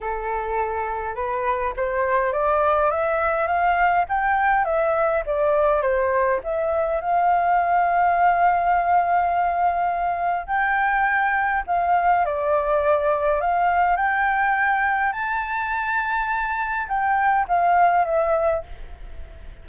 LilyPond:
\new Staff \with { instrumentName = "flute" } { \time 4/4 \tempo 4 = 103 a'2 b'4 c''4 | d''4 e''4 f''4 g''4 | e''4 d''4 c''4 e''4 | f''1~ |
f''2 g''2 | f''4 d''2 f''4 | g''2 a''2~ | a''4 g''4 f''4 e''4 | }